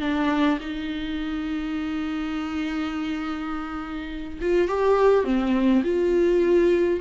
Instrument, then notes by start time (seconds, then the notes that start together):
viola
0.00 D4
0.60 D#4
4.41 F4
4.68 G4
5.24 C4
5.83 F4